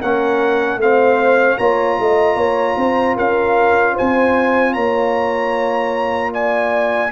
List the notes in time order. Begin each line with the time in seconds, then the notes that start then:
0.00 A#3 C#4 A#4 F#5
0.77 A3 C4 C5 F5
1.58 A#3 F4 C#5 A#5
1.99 A3 D#5
2.36 A#3 C#5
2.77 C4 C5
3.16 C#4 A#4 F5
3.93 C5 G#5
4.00 C4
4.74 A#3 C#5 A#5
6.33 D5 G#5